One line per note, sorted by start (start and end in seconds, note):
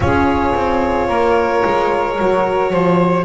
0.00 0.53 C#4
0.00 2.17 F4
0.00 1.07 G#4
0.00 3.24 C#5
0.54 1.08 C4
1.07 1.63 A#3
1.07 2.70 A#4
1.65 2.19 G#3
2.19 2.73 F#3
2.19 3.24 F#4
2.70 3.24 F3
2.70 3.24 C5